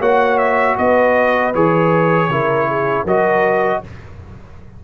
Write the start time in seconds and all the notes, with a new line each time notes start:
0.00 A#3 F#4 C#5 F#5
0.38 E5
0.78 B3 B4 D#5
1.55 E3 G#4 C#5
2.30 C#3 E4 A#4
2.69 G#4
3.04 F#3 F#4 A#4 D#5